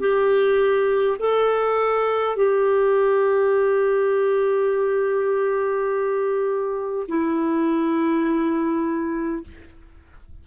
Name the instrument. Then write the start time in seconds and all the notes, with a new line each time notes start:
clarinet
0.00 G4
1.19 A4
2.36 G4
7.09 E4